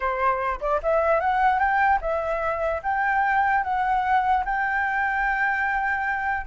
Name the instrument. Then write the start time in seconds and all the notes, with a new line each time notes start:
flute
0.00 C5
0.60 D5
0.82 E5
1.20 F#5
1.59 G5
2.01 E5
2.83 G5
3.63 F#5
4.45 G5